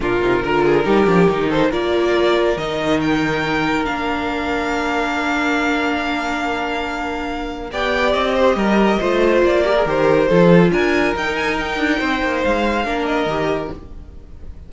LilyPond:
<<
  \new Staff \with { instrumentName = "violin" } { \time 4/4 \tempo 4 = 140 ais'2.~ ais'8 c''8 | d''2 dis''4 g''4~ | g''4 f''2.~ | f''1~ |
f''2 g''4 dis''4~ | dis''2 d''4 c''4~ | c''4 gis''4 g''8 gis''8 g''4~ | g''4 f''4. dis''4. | }
  \new Staff \with { instrumentName = "violin" } { \time 4/4 f'4 ais'8 gis'8 g'4. a'8 | ais'1~ | ais'1~ | ais'1~ |
ais'2 d''4. c''8 | ais'4 c''4. ais'4. | a'4 ais'2. | c''2 ais'2 | }
  \new Staff \with { instrumentName = "viola" } { \time 4/4 d'8 dis'8 f'4 dis'8 d'8 dis'4 | f'2 dis'2~ | dis'4 d'2.~ | d'1~ |
d'2 g'2~ | g'4 f'4. g'16 gis'16 g'4 | f'2 dis'2~ | dis'2 d'4 g'4 | }
  \new Staff \with { instrumentName = "cello" } { \time 4/4 ais,8 c8 d4 g8 f8 dis4 | ais2 dis2~ | dis4 ais2.~ | ais1~ |
ais2 b4 c'4 | g4 a4 ais4 dis4 | f4 d'4 dis'4. d'8 | c'8 ais8 gis4 ais4 dis4 | }
>>